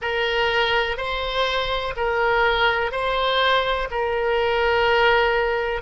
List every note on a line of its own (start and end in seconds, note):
0.01 0.97 A#4
0.97 1.94 C5
1.96 2.91 A#4
2.91 3.88 C5
3.91 5.81 A#4